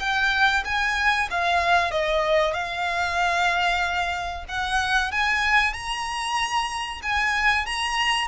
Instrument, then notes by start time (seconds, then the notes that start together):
violin
0.00 G5
0.65 G#5
1.31 F5
1.91 D#5
2.54 F5
4.49 F#5
5.12 G#5
5.74 A#5
7.03 G#5
7.66 A#5